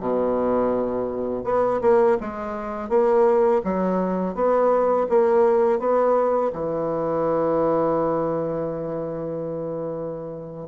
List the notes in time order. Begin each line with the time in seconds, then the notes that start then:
0.00 B2
1.44 B3
1.81 A#3
2.20 G#3
2.89 A#3
3.64 F#3
4.35 B3
5.09 A#3
5.79 B3
6.53 E3